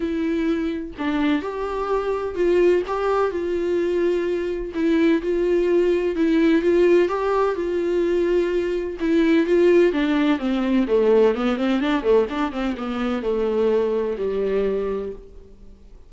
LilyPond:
\new Staff \with { instrumentName = "viola" } { \time 4/4 \tempo 4 = 127 e'2 d'4 g'4~ | g'4 f'4 g'4 f'4~ | f'2 e'4 f'4~ | f'4 e'4 f'4 g'4 |
f'2. e'4 | f'4 d'4 c'4 a4 | b8 c'8 d'8 a8 d'8 c'8 b4 | a2 g2 | }